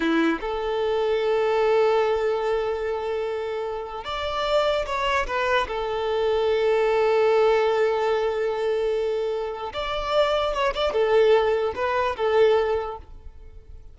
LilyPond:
\new Staff \with { instrumentName = "violin" } { \time 4/4 \tempo 4 = 148 e'4 a'2.~ | a'1~ | a'2 d''2 | cis''4 b'4 a'2~ |
a'1~ | a'1 | d''2 cis''8 d''8 a'4~ | a'4 b'4 a'2 | }